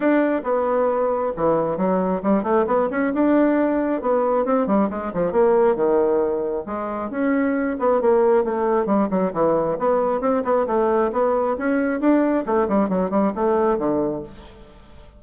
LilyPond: \new Staff \with { instrumentName = "bassoon" } { \time 4/4 \tempo 4 = 135 d'4 b2 e4 | fis4 g8 a8 b8 cis'8 d'4~ | d'4 b4 c'8 g8 gis8 f8 | ais4 dis2 gis4 |
cis'4. b8 ais4 a4 | g8 fis8 e4 b4 c'8 b8 | a4 b4 cis'4 d'4 | a8 g8 fis8 g8 a4 d4 | }